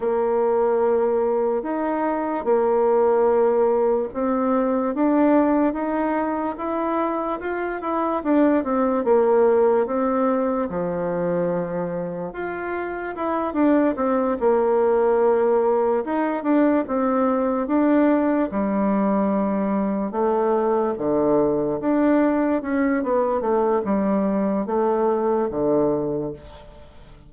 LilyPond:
\new Staff \with { instrumentName = "bassoon" } { \time 4/4 \tempo 4 = 73 ais2 dis'4 ais4~ | ais4 c'4 d'4 dis'4 | e'4 f'8 e'8 d'8 c'8 ais4 | c'4 f2 f'4 |
e'8 d'8 c'8 ais2 dis'8 | d'8 c'4 d'4 g4.~ | g8 a4 d4 d'4 cis'8 | b8 a8 g4 a4 d4 | }